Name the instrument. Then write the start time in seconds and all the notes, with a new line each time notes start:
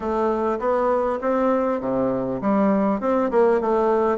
bassoon
0.00 A3
0.59 B3
1.21 C4
1.80 C3
2.41 G3
3.00 C4
3.30 A#3
3.60 A3